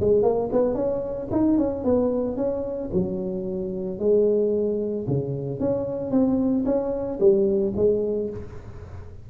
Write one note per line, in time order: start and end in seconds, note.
0.00 0.23 G#3
0.23 0.49 A#3
0.52 0.75 B3
0.75 1.28 C#4
1.31 1.58 D#4
1.58 1.84 C#4
1.84 2.36 B3
2.36 2.90 C#4
2.93 3.99 F#3
3.99 5.06 G#3
5.07 5.60 C#3
5.60 6.10 C#4
6.10 6.64 C4
6.65 7.19 C#4
7.20 7.73 G3
7.76 8.30 G#3